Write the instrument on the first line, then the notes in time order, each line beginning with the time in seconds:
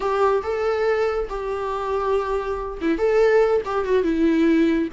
viola
0.00 G4
0.43 A4
1.29 G4
2.81 E4
2.97 A4
3.65 G4
3.84 F#4
4.03 E4